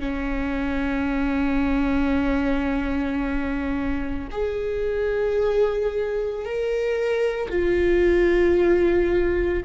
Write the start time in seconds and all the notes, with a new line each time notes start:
0.00 C#4
4.31 G#4
6.45 A#4
7.50 F4